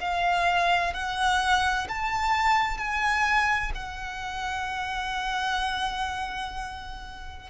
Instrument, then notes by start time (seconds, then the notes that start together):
violin
0.00 F5
0.93 F#5
1.88 A5
2.77 G#5
3.74 F#5